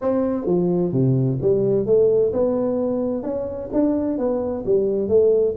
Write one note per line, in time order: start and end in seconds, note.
0.01 0.45 C4
0.45 0.92 F3
0.92 1.38 C3
1.41 1.85 G3
1.85 2.32 A3
2.32 3.23 B3
3.23 3.69 C#4
3.73 4.18 D4
4.18 4.64 B3
4.65 5.08 G3
5.08 5.54 A3